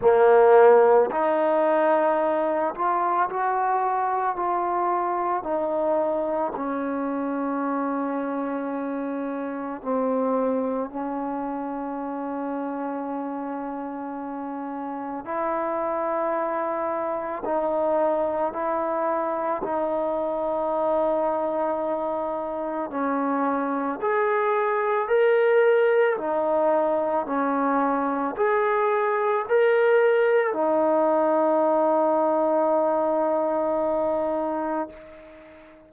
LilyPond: \new Staff \with { instrumentName = "trombone" } { \time 4/4 \tempo 4 = 55 ais4 dis'4. f'8 fis'4 | f'4 dis'4 cis'2~ | cis'4 c'4 cis'2~ | cis'2 e'2 |
dis'4 e'4 dis'2~ | dis'4 cis'4 gis'4 ais'4 | dis'4 cis'4 gis'4 ais'4 | dis'1 | }